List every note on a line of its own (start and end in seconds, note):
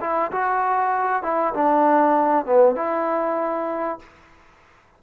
0.00 0.31 E4
0.31 1.23 F#4
1.23 1.54 E4
1.54 2.45 D4
2.45 2.75 B3
2.75 3.99 E4